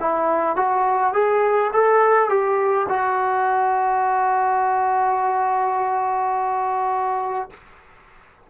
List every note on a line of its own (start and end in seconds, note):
0.00 0.57 E4
0.57 1.14 F#4
1.14 1.72 G#4
1.73 2.30 A4
2.30 2.87 G4
2.89 7.51 F#4